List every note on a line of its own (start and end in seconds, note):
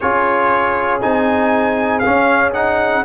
0.00 1.03 C#4
0.00 1.00 F4
0.00 3.04 G#4
0.00 1.00 C#5
1.00 2.05 C4
1.00 2.02 D#4
1.00 1.99 G#5
1.99 2.53 C#4
1.99 2.50 F5
2.06 3.04 C#4
2.53 3.04 D#4
2.53 3.04 F#5